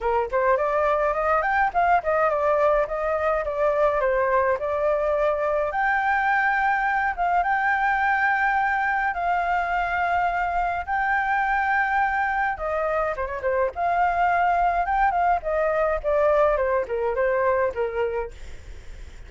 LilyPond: \new Staff \with { instrumentName = "flute" } { \time 4/4 \tempo 4 = 105 ais'8 c''8 d''4 dis''8 g''8 f''8 dis''8 | d''4 dis''4 d''4 c''4 | d''2 g''2~ | g''8 f''8 g''2. |
f''2. g''4~ | g''2 dis''4 c''16 cis''16 c''8 | f''2 g''8 f''8 dis''4 | d''4 c''8 ais'8 c''4 ais'4 | }